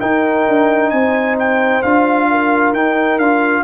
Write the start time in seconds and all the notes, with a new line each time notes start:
0.00 D#4 A#4 G5
0.48 D4
0.90 C4 C5 G#5
1.39 G5
1.83 D4 F4 F5
2.30 A#4
2.72 D#4 G5
3.18 D4 F4 F5